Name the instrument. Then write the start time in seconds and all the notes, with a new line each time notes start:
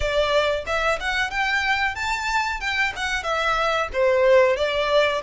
violin
0.00 D5
0.66 E5
1.00 F#5
1.30 G5
1.95 A5
2.60 G5
2.96 F#5
3.23 E5
3.92 C5
4.56 D5